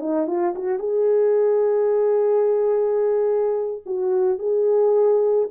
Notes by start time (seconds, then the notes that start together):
0.00 D#4
0.27 F4
0.55 F#4
0.79 G#4
3.86 F#4
4.39 G#4